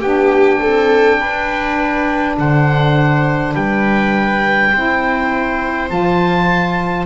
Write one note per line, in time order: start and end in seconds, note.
0.00 0.61 B3
0.00 4.73 D4
0.00 0.59 G4
0.00 2.36 G5
0.61 1.20 C4
0.61 1.20 A4
1.20 2.38 D4
1.20 2.38 B4
2.38 3.55 D3
2.38 3.54 C5
2.38 3.55 F#5
3.54 4.73 G3
3.54 4.72 B4
3.54 5.90 G5
4.73 5.91 C4
4.73 5.89 E4
4.73 7.07 C5
5.89 7.07 F3
5.89 7.07 F4
5.89 7.07 A5